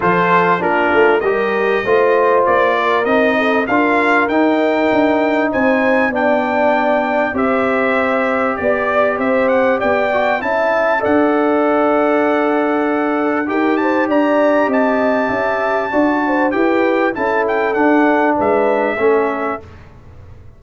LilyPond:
<<
  \new Staff \with { instrumentName = "trumpet" } { \time 4/4 \tempo 4 = 98 c''4 ais'4 dis''2 | d''4 dis''4 f''4 g''4~ | g''4 gis''4 g''2 | e''2 d''4 e''8 fis''8 |
g''4 a''4 fis''2~ | fis''2 g''8 a''8 ais''4 | a''2. g''4 | a''8 g''8 fis''4 e''2 | }
  \new Staff \with { instrumentName = "horn" } { \time 4/4 a'4 f'4 ais'4 c''4~ | c''8 ais'4 a'8 ais'2~ | ais'4 c''4 d''2 | c''2 d''4 c''4 |
d''4 e''4 d''2~ | d''2 ais'8 c''8 d''4 | dis''4 e''4 d''8 c''8 b'4 | a'2 b'4 a'4 | }
  \new Staff \with { instrumentName = "trombone" } { \time 4/4 f'4 d'4 g'4 f'4~ | f'4 dis'4 f'4 dis'4~ | dis'2 d'2 | g'1~ |
g'8 fis'8 e'4 a'2~ | a'2 g'2~ | g'2 fis'4 g'4 | e'4 d'2 cis'4 | }
  \new Staff \with { instrumentName = "tuba" } { \time 4/4 f4 ais8 a8 g4 a4 | ais4 c'4 d'4 dis'4 | d'4 c'4 b2 | c'2 b4 c'4 |
b4 cis'4 d'2~ | d'2 dis'4 d'4 | c'4 cis'4 d'4 e'4 | cis'4 d'4 gis4 a4 | }
>>